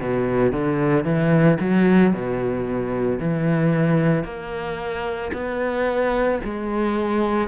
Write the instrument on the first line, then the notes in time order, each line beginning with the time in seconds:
cello
0.00 B2
0.52 D3
1.04 E3
1.59 F#3
2.13 B2
3.19 E3
4.24 A#3
5.32 B3
6.44 G#3